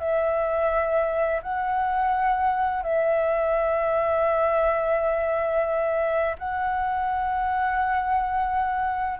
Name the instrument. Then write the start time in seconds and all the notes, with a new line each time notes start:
flute
0.00 E5
1.43 F#5
2.83 E5
6.39 F#5